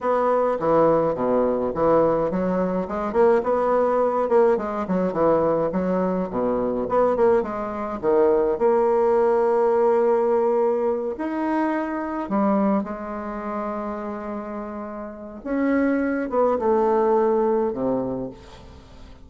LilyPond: \new Staff \with { instrumentName = "bassoon" } { \time 4/4 \tempo 4 = 105 b4 e4 b,4 e4 | fis4 gis8 ais8 b4. ais8 | gis8 fis8 e4 fis4 b,4 | b8 ais8 gis4 dis4 ais4~ |
ais2.~ ais8 dis'8~ | dis'4. g4 gis4.~ | gis2. cis'4~ | cis'8 b8 a2 c4 | }